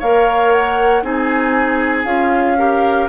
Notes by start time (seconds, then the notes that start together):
0.00 A#3 A#4 C#5 F5
0.52 F#5
1.03 C4 D#4 G#4 G#5
2.05 C#4 F4 F5
2.58 G4 A#4